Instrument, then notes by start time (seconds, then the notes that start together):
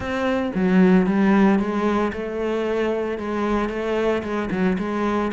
cello
0.00 C4
0.54 F#3
1.06 G3
1.59 G#3
2.12 A3
3.18 G#3
3.69 A3
4.22 G#3
4.50 F#3
4.78 G#3